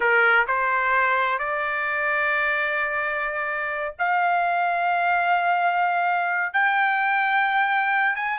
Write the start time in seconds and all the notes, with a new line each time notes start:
0.00 A#4
0.47 C5
1.38 D5
3.99 F5
6.53 G5
8.15 G#5